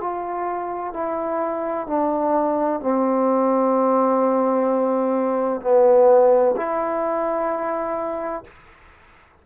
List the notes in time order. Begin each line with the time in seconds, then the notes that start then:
0.00 F4
0.93 E4
1.87 D4
2.80 C4
5.61 B3
6.56 E4